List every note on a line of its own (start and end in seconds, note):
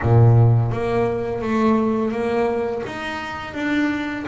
0.02 0.71 A#2
0.71 1.41 A#3
1.41 2.11 A3
2.11 2.82 A#3
2.86 3.54 D#4
3.54 4.25 D4